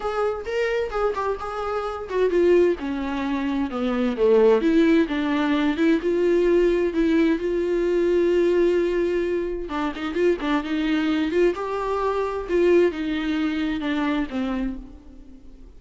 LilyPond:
\new Staff \with { instrumentName = "viola" } { \time 4/4 \tempo 4 = 130 gis'4 ais'4 gis'8 g'8 gis'4~ | gis'8 fis'8 f'4 cis'2 | b4 a4 e'4 d'4~ | d'8 e'8 f'2 e'4 |
f'1~ | f'4 d'8 dis'8 f'8 d'8 dis'4~ | dis'8 f'8 g'2 f'4 | dis'2 d'4 c'4 | }